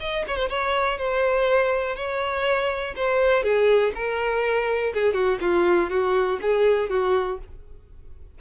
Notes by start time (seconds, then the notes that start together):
0.00 D#5
0.27 C#5
0.36 C5
0.49 C#5
0.98 C5
1.96 C#5
2.96 C5
3.43 G#4
3.95 A#4
4.94 G#4
5.14 F#4
5.41 F4
5.90 F#4
6.42 G#4
6.89 F#4